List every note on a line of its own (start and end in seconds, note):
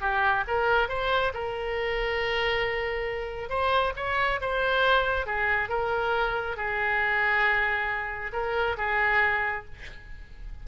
0.00 0.44 G4
0.47 0.88 A#4
0.88 1.32 C5
1.33 3.49 A#4
3.49 3.93 C5
3.96 4.40 C#5
4.41 5.26 C5
5.26 5.69 G#4
5.69 6.56 A#4
6.56 8.32 G#4
8.32 8.76 A#4
8.77 9.65 G#4